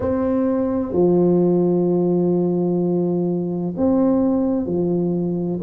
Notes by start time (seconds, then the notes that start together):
0.00 C4
0.92 F3
3.76 C4
4.66 F3